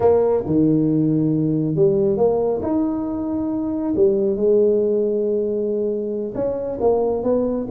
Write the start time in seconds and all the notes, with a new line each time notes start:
0.00 A#3
0.45 D#3
1.75 G3
2.17 A#3
2.62 D#4
3.95 G3
4.36 G#3
6.34 C#4
6.80 A#3
7.23 B3